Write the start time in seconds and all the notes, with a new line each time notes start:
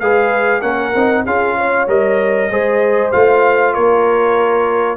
0.00 G#3 G#4 B4 F5
0.61 A#3 C#4 A#4 F#5
0.95 C4 D#4
1.25 C#4 F4 G#4 F5
1.58 C#5
1.88 G3 A#4 D#5
2.50 G#3 G#4 C5
3.12 A3 F4 F5
3.74 A#3 A#4 C#5